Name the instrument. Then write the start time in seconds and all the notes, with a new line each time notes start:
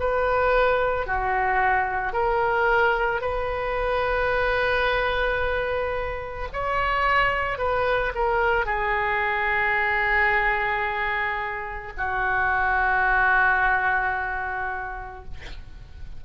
oboe
0.00 B4
1.07 F#4
2.13 A#4
3.21 B4
6.53 C#5
7.58 B4
8.15 A#4
8.66 G#4
11.98 F#4